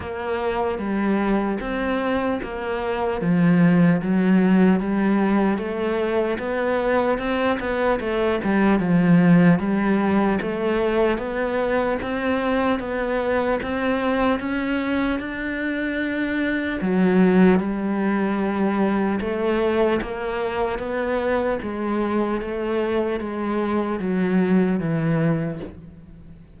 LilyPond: \new Staff \with { instrumentName = "cello" } { \time 4/4 \tempo 4 = 75 ais4 g4 c'4 ais4 | f4 fis4 g4 a4 | b4 c'8 b8 a8 g8 f4 | g4 a4 b4 c'4 |
b4 c'4 cis'4 d'4~ | d'4 fis4 g2 | a4 ais4 b4 gis4 | a4 gis4 fis4 e4 | }